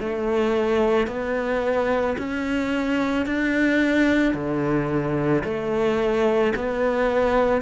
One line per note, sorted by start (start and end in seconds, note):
0.00 1.08 A3
1.08 2.17 B3
2.18 3.26 C#4
3.26 4.34 D4
4.34 5.43 D3
5.44 6.54 A3
6.56 7.62 B3